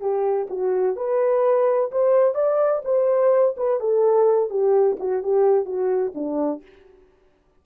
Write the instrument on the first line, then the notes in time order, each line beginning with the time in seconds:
horn
0.00 G4
0.49 F#4
0.96 B4
1.91 C5
2.35 D5
2.84 C5
3.57 B4
3.80 A4
4.50 G4
4.99 F#4
5.23 G4
5.65 F#4
6.14 D4